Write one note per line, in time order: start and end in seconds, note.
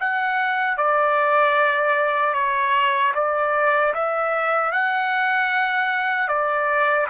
0.00 0.77 F#5
0.77 2.34 D5
2.34 3.13 C#5
3.15 3.94 D5
3.94 4.72 E5
4.72 6.28 F#5
6.28 7.07 D5